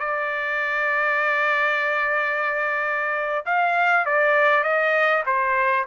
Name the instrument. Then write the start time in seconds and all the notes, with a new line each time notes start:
trumpet
0.00 D5
3.46 F5
4.06 D5
4.64 D#5
5.26 C5